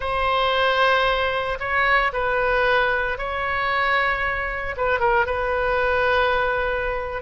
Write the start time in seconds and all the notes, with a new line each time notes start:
0.00 C5
1.59 C#5
2.12 B4
3.17 C#5
4.76 B4
4.99 A#4
5.26 B4